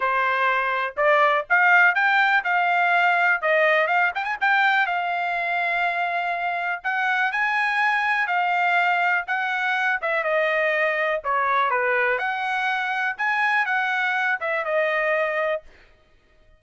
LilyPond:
\new Staff \with { instrumentName = "trumpet" } { \time 4/4 \tempo 4 = 123 c''2 d''4 f''4 | g''4 f''2 dis''4 | f''8 g''16 gis''16 g''4 f''2~ | f''2 fis''4 gis''4~ |
gis''4 f''2 fis''4~ | fis''8 e''8 dis''2 cis''4 | b'4 fis''2 gis''4 | fis''4. e''8 dis''2 | }